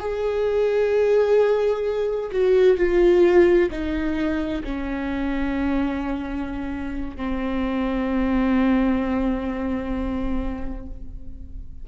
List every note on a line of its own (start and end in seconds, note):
0.00 2.31 G#4
2.32 2.77 F#4
2.77 3.70 F4
3.71 4.63 D#4
4.64 7.17 C#4
7.17 10.86 C4